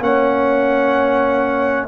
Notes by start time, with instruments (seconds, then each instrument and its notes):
0.00 tuba A#3, trombone C#4, horn C#5, trumpet F#5